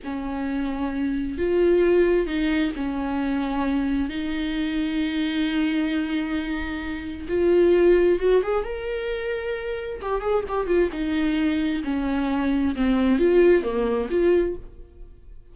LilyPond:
\new Staff \with { instrumentName = "viola" } { \time 4/4 \tempo 4 = 132 cis'2. f'4~ | f'4 dis'4 cis'2~ | cis'4 dis'2.~ | dis'1 |
f'2 fis'8 gis'8 ais'4~ | ais'2 g'8 gis'8 g'8 f'8 | dis'2 cis'2 | c'4 f'4 ais4 f'4 | }